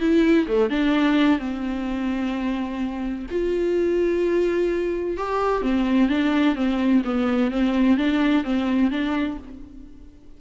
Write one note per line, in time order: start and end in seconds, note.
0.00 0.47 E4
0.48 0.70 A3
0.70 1.39 D4
1.39 3.27 C4
3.31 5.17 F4
5.17 5.62 G4
5.62 6.09 C4
6.09 6.56 D4
6.56 7.02 C4
7.05 7.51 B3
7.51 7.97 C4
7.97 8.44 D4
8.44 8.91 C4
8.91 9.38 D4